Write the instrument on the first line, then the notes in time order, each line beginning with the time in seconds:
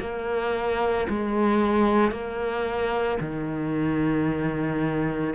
cello
0.00 A#3
1.09 G#3
2.11 A#3
3.20 D#3